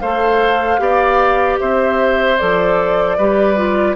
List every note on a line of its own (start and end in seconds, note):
0.00 0.79 A3
0.00 0.78 A4
0.00 0.80 C5
0.00 1.58 F5
0.78 1.58 B3
0.78 2.36 G4
0.78 1.60 D5
1.59 2.40 C4
1.59 3.17 C5
1.59 2.38 E5
2.38 3.18 F3
2.38 3.17 A4
2.38 3.95 D5
3.17 3.95 G3
3.17 3.56 G4
3.17 3.95 B4
3.56 3.95 F4